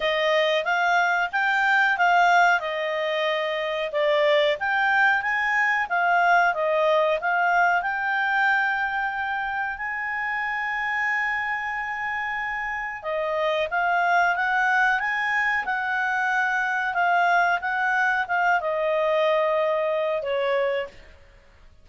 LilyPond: \new Staff \with { instrumentName = "clarinet" } { \time 4/4 \tempo 4 = 92 dis''4 f''4 g''4 f''4 | dis''2 d''4 g''4 | gis''4 f''4 dis''4 f''4 | g''2. gis''4~ |
gis''1 | dis''4 f''4 fis''4 gis''4 | fis''2 f''4 fis''4 | f''8 dis''2~ dis''8 cis''4 | }